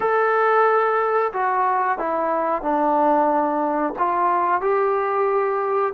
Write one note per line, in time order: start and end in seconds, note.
0.00 1.32 A4
1.32 1.98 F#4
1.98 2.61 E4
2.61 3.93 D4
3.98 4.61 F4
4.61 5.93 G4